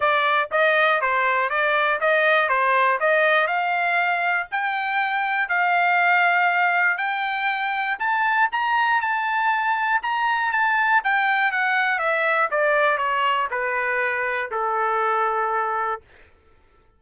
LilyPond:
\new Staff \with { instrumentName = "trumpet" } { \time 4/4 \tempo 4 = 120 d''4 dis''4 c''4 d''4 | dis''4 c''4 dis''4 f''4~ | f''4 g''2 f''4~ | f''2 g''2 |
a''4 ais''4 a''2 | ais''4 a''4 g''4 fis''4 | e''4 d''4 cis''4 b'4~ | b'4 a'2. | }